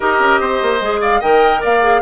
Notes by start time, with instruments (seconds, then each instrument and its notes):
0.00 bassoon D#4, clarinet G4, oboe A#4, flute D#5
0.19 bassoon C#4
0.39 bassoon C4, oboe C5
0.62 bassoon A#3
0.80 bassoon G#3, clarinet G#4
1.00 oboe D5, flute F5
1.20 bassoon D#3, clarinet A#4, oboe D#5, flute G5
1.60 bassoon A#3, oboe D5, flute F5
1.81 clarinet G#4